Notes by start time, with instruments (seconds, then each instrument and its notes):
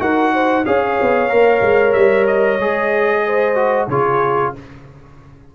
0.00 tuba D#4, trombone F#4, horn A#4, trumpet F#5
0.34 horn C5
0.65 tuba C#4, trombone G#4, horn C#5, trumpet F5
1.01 tuba B3
1.29 tuba A#3, trombone A#4
1.62 tuba G#3
1.93 tuba G3, trumpet E5
2.27 trumpet D#5
2.59 tuba G#3, trombone G#4
3.26 horn C5
3.56 trombone F#4
3.88 tuba C#3, trombone F4, horn G#4, trumpet C#5